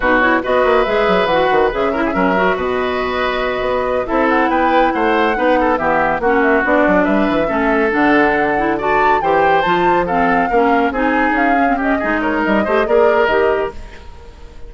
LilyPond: <<
  \new Staff \with { instrumentName = "flute" } { \time 4/4 \tempo 4 = 140 b'8 cis''8 dis''4 e''4 fis''4 | e''2 dis''2~ | dis''4. e''8 fis''8 g''4 fis''8~ | fis''4. e''4 fis''8 e''8 d''8~ |
d''8 e''2 fis''4.~ | fis''8 a''4 g''4 a''4 f''8~ | f''4. gis''4 f''4 dis''8~ | dis''8 cis''8 dis''4 d''4 dis''4 | }
  \new Staff \with { instrumentName = "oboe" } { \time 4/4 fis'4 b'2.~ | b'8 ais'16 gis'16 ais'4 b'2~ | b'4. a'4 b'4 c''8~ | c''8 b'8 a'8 g'4 fis'4.~ |
fis'8 b'4 a'2~ a'8~ | a'8 d''4 c''2 a'8~ | a'8 ais'4 gis'2 g'8 | gis'8 ais'4 c''8 ais'2 | }
  \new Staff \with { instrumentName = "clarinet" } { \time 4/4 dis'8 e'8 fis'4 gis'4 fis'4 | gis'8 e'8 cis'8 fis'2~ fis'8~ | fis'4. e'2~ e'8~ | e'8 dis'4 b4 cis'4 d'8~ |
d'4. cis'4 d'4. | e'8 fis'4 g'4 f'4 c'8~ | c'8 cis'4 dis'4. cis'16 c'16 cis'8 | dis'4. g'8 gis'4 g'4 | }
  \new Staff \with { instrumentName = "bassoon" } { \time 4/4 b,4 b8 ais8 gis8 fis8 e8 dis8 | cis4 fis4 b,2~ | b,8 b4 c'4 b4 a8~ | a8 b4 e4 ais4 b8 |
fis8 g8 e8 a4 d4.~ | d4. e4 f4.~ | f8 ais4 c'4 cis'4. | gis4 g8 a8 ais4 dis4 | }
>>